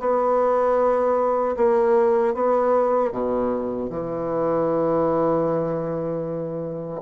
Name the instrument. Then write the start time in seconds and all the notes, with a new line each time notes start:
bassoon
0.00 B3
1.57 A#3
2.34 B3
3.12 B2
3.90 E3